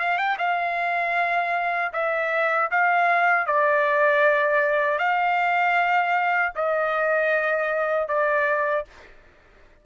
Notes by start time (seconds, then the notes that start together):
0.00 F5
0.18 G5
0.39 F5
1.93 E5
2.72 F5
3.47 D5
4.99 F5
6.56 D#5
8.08 D5